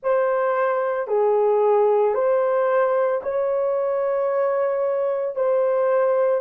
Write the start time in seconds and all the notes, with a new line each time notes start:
0.02 C5
1.07 G#4
2.14 C5
3.22 C#5
5.35 C5